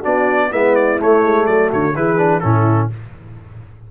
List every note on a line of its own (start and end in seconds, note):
0.00 0.53 B3
0.00 0.50 D4
0.00 0.48 F#4
0.00 0.52 D5
0.51 1.00 G#3
0.51 0.98 B3
0.51 1.46 E4
0.51 0.75 E5
0.75 0.99 D5
0.98 1.94 A3
0.98 1.23 A3
0.98 1.46 C#5
1.23 1.46 G#3
1.46 1.70 F#3
1.46 1.69 A4
1.46 1.70 D5
1.69 1.95 D3
1.69 1.93 F#4
1.69 1.95 C#5
1.95 2.43 E3
1.95 2.17 E4
1.95 2.42 G#4
1.95 2.40 B4
2.17 2.41 D4
2.40 2.91 A2
2.40 2.90 C#4
2.40 2.91 E4
2.40 2.87 A4